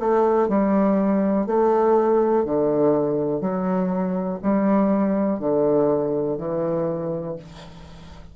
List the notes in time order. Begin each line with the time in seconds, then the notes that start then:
0.00 A3
0.49 G3
1.47 A3
2.45 D3
3.41 F#3
4.43 G3
5.40 D3
6.38 E3